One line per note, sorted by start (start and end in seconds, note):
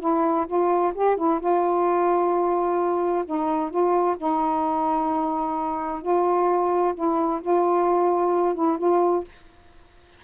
0.00 0.46 E4
0.47 0.93 F4
0.95 1.17 G4
1.17 1.40 E4
1.40 3.24 F4
3.25 3.70 D#4
3.70 4.16 F4
4.17 6.02 D#4
6.02 6.94 F4
6.95 7.41 E4
7.42 8.55 F4
8.55 8.78 E4
8.78 9.24 F4